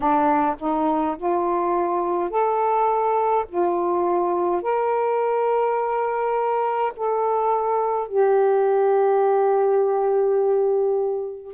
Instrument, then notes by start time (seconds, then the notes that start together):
saxophone
0.00 D4
0.59 D#4
1.17 F4
2.30 A4
3.48 F4
4.62 A#4
6.96 A4
8.08 G4